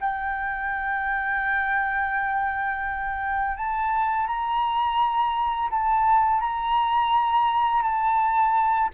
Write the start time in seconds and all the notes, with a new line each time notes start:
0.00 G5
3.57 A5
4.27 A#5
5.70 A5
6.41 A#5
7.82 A5